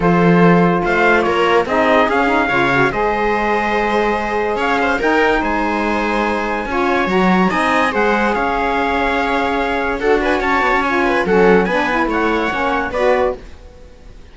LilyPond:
<<
  \new Staff \with { instrumentName = "trumpet" } { \time 4/4 \tempo 4 = 144 c''2 f''4 cis''4 | dis''4 f''2 dis''4~ | dis''2. f''4 | g''4 gis''2.~ |
gis''4 ais''4 gis''4 fis''4 | f''1 | fis''8 gis''8 a''4 gis''4 fis''4 | gis''4 fis''2 d''4 | }
  \new Staff \with { instrumentName = "viola" } { \time 4/4 a'2 c''4 ais'4 | gis'2 cis''4 c''4~ | c''2. cis''8 c''8 | ais'4 c''2. |
cis''2 dis''4 c''4 | cis''1 | a'8 b'8 cis''4. b'8 a'4 | b'4 cis''2 b'4 | }
  \new Staff \with { instrumentName = "saxophone" } { \time 4/4 f'1 | dis'4 cis'8 dis'8 f'8 fis'8 gis'4~ | gis'1 | dis'1 |
f'4 fis'4 dis'4 gis'4~ | gis'1 | fis'2 f'4 cis'4 | d'8 e'4. cis'4 fis'4 | }
  \new Staff \with { instrumentName = "cello" } { \time 4/4 f2 a4 ais4 | c'4 cis'4 cis4 gis4~ | gis2. cis'4 | dis'4 gis2. |
cis'4 fis4 c'4 gis4 | cis'1 | d'4 cis'8 b16 cis'4~ cis'16 fis4 | b4 a4 ais4 b4 | }
>>